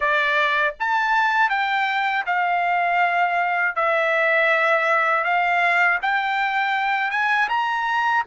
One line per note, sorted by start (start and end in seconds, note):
0.00 0.74 D5
0.79 1.49 A5
1.49 2.24 G5
2.26 3.75 F5
3.75 5.24 E5
5.24 5.99 F5
6.02 7.10 G5
7.10 7.48 G#5
7.49 8.24 A#5